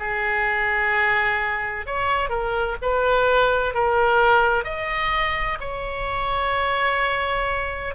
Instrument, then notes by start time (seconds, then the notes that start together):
oboe
0.00 G#4
1.87 C#5
2.30 A#4
2.83 B4
3.75 A#4
4.65 D#5
5.61 C#5